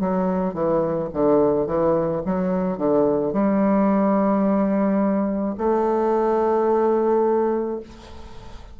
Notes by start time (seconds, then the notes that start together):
0.00 F#3
0.53 E3
1.13 D3
1.66 E3
2.25 F#3
2.78 D3
3.33 G3
5.58 A3